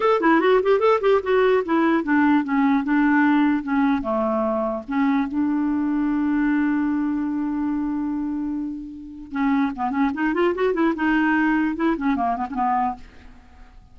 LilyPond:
\new Staff \with { instrumentName = "clarinet" } { \time 4/4 \tempo 4 = 148 a'8 e'8 fis'8 g'8 a'8 g'8 fis'4 | e'4 d'4 cis'4 d'4~ | d'4 cis'4 a2 | cis'4 d'2.~ |
d'1~ | d'2. cis'4 | b8 cis'8 dis'8 f'8 fis'8 e'8 dis'4~ | dis'4 e'8 cis'8 ais8 b16 cis'16 b4 | }